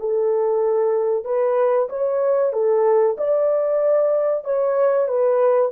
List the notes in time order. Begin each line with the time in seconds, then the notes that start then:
0.00 A4
1.25 B4
1.89 C#5
2.53 A4
3.18 D5
4.45 C#5
5.08 B4